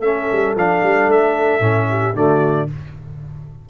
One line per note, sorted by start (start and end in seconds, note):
0.00 0.27 A3
0.00 0.56 C#4
0.00 1.89 A4
0.00 0.54 E5
0.32 0.56 G3
0.56 0.82 F3
0.56 1.61 D4
0.56 1.11 F5
0.83 1.08 G3
1.08 1.60 A3
1.08 2.16 E5
1.60 2.13 A2
1.60 2.14 C#4
1.90 2.15 G4
2.14 2.68 D3
2.14 2.68 A3
2.14 2.68 F#4
2.14 2.69 D5